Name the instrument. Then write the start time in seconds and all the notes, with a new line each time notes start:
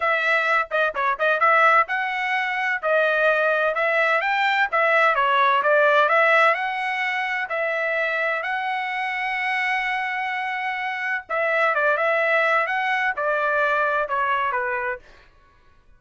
trumpet
0.00 E5
0.70 D#5
0.95 C#5
1.18 D#5
1.40 E5
1.88 F#5
2.81 D#5
3.74 E5
4.21 G5
4.71 E5
5.15 C#5
5.62 D5
6.08 E5
6.54 F#5
7.49 E5
8.43 F#5
11.29 E5
11.74 D5
11.97 E5
12.66 F#5
13.16 D5
14.08 C#5
14.52 B4